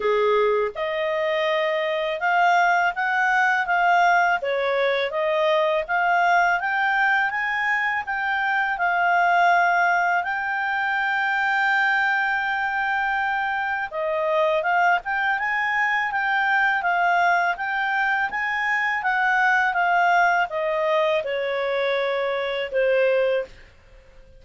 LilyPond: \new Staff \with { instrumentName = "clarinet" } { \time 4/4 \tempo 4 = 82 gis'4 dis''2 f''4 | fis''4 f''4 cis''4 dis''4 | f''4 g''4 gis''4 g''4 | f''2 g''2~ |
g''2. dis''4 | f''8 g''8 gis''4 g''4 f''4 | g''4 gis''4 fis''4 f''4 | dis''4 cis''2 c''4 | }